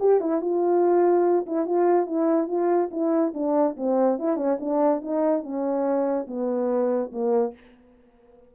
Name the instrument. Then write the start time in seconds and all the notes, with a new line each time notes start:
horn
0.00 G4
0.21 E4
0.42 F4
1.47 E4
1.66 F4
2.07 E4
2.48 F4
2.92 E4
3.35 D4
3.77 C4
4.19 E4
4.37 C#4
4.61 D4
5.02 D#4
5.43 C#4
6.28 B3
7.12 A#3